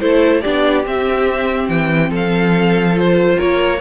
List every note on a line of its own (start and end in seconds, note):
0.00 0.44 A3
0.00 0.43 E4
0.00 0.42 A4
0.00 0.41 C5
0.41 0.86 B3
0.41 0.84 D4
0.41 2.10 G4
0.41 0.84 D5
0.84 2.94 C4
0.84 1.69 C4
0.84 1.69 E5
1.69 2.10 E3
1.69 2.11 G5
2.10 3.37 F3
2.10 3.36 A4
2.16 2.98 F5
2.94 3.78 F4
2.94 3.39 C5
3.37 3.80 A#3
3.37 3.79 A#4
3.37 3.80 C#5